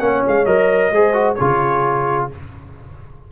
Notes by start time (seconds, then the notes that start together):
0.00 A#3 C#4 C#5 F#5
0.28 G#3 F5
0.46 F#3 A#4 D#5
0.92 G#3 G#4 C5
1.13 F#4
1.35 C#3 F4 G#4 C#5